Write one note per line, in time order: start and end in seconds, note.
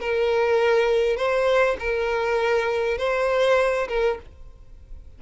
0.00 1.16 A#4
1.16 1.76 C5
1.79 2.98 A#4
2.98 3.88 C5
3.88 4.18 A#4